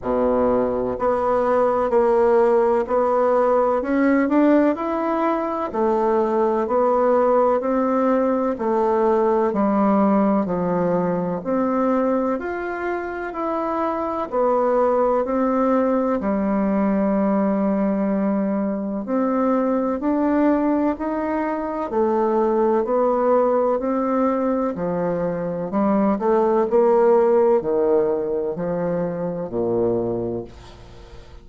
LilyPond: \new Staff \with { instrumentName = "bassoon" } { \time 4/4 \tempo 4 = 63 b,4 b4 ais4 b4 | cis'8 d'8 e'4 a4 b4 | c'4 a4 g4 f4 | c'4 f'4 e'4 b4 |
c'4 g2. | c'4 d'4 dis'4 a4 | b4 c'4 f4 g8 a8 | ais4 dis4 f4 ais,4 | }